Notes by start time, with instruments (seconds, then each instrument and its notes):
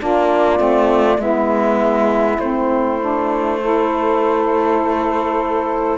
0.00 cello A#3, saxophone D4 F4, flute D5
0.58 cello A3, saxophone C4
1.19 cello G#3, saxophone B3 E4, flute E5
2.39 cello A3, saxophone C4, flute C5
3.00 saxophone D4
3.61 saxophone E4 A4